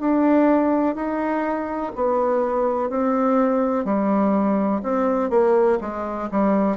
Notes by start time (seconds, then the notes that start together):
0.00 D4
0.95 D#4
1.95 B3
2.89 C4
3.84 G3
4.83 C4
5.30 A#3
5.81 G#3
6.31 G3